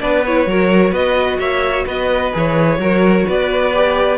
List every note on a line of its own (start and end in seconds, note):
0.00 0.46 B3
0.00 0.23 D4
0.00 0.50 B4
0.00 0.23 D5
0.26 0.48 E4
0.26 0.94 C#5
0.46 0.92 F#3
0.46 2.33 F#4
0.46 0.91 A#4
0.91 1.38 B3
0.91 1.38 B4
0.91 1.39 D#5
1.39 1.85 A#3
1.39 1.85 C#5
1.39 1.85 E5
1.85 2.33 B3
1.85 2.78 B4
1.85 2.34 D#5
2.33 2.78 E3
2.33 2.79 G#4
2.33 3.28 C#5
2.78 3.25 F#3
2.78 3.73 F#4
2.78 3.26 A#4
3.26 4.18 B3
3.26 4.18 B4
3.26 4.18 D5
3.73 4.18 G4